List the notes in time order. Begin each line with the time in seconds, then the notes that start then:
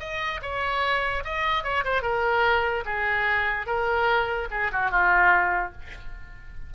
0.00 D#5
0.42 C#5
1.24 D#5
1.64 C#5
1.85 C5
2.02 A#4
2.85 G#4
3.67 A#4
4.51 G#4
4.72 F#4
4.91 F4